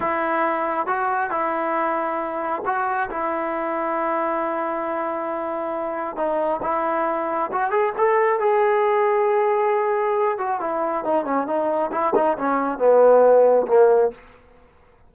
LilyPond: \new Staff \with { instrumentName = "trombone" } { \time 4/4 \tempo 4 = 136 e'2 fis'4 e'4~ | e'2 fis'4 e'4~ | e'1~ | e'2 dis'4 e'4~ |
e'4 fis'8 gis'8 a'4 gis'4~ | gis'2.~ gis'8 fis'8 | e'4 dis'8 cis'8 dis'4 e'8 dis'8 | cis'4 b2 ais4 | }